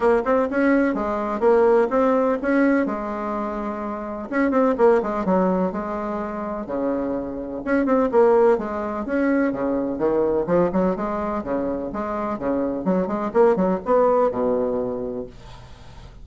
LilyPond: \new Staff \with { instrumentName = "bassoon" } { \time 4/4 \tempo 4 = 126 ais8 c'8 cis'4 gis4 ais4 | c'4 cis'4 gis2~ | gis4 cis'8 c'8 ais8 gis8 fis4 | gis2 cis2 |
cis'8 c'8 ais4 gis4 cis'4 | cis4 dis4 f8 fis8 gis4 | cis4 gis4 cis4 fis8 gis8 | ais8 fis8 b4 b,2 | }